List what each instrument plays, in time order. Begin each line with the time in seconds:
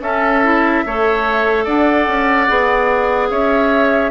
0.00 bassoon C#4, clarinet C#4, oboe A4, flute E5
0.43 clarinet E4
0.86 bassoon A3, clarinet A4, oboe C#5
1.64 bassoon D4, oboe D5, flute F#5
2.07 bassoon C#4
2.47 bassoon B3, clarinet G#4
3.30 bassoon C#4, oboe C#5, flute E5